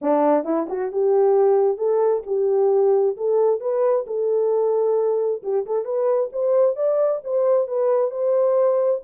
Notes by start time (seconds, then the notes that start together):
0.01 D4
0.44 E4
0.69 F#4
0.91 G4
1.77 A4
2.26 G4
3.16 A4
3.60 B4
4.07 A4
5.43 G4
5.65 A4
5.84 B4
6.32 C5
6.76 D5
7.24 C5
7.67 B4
8.11 C5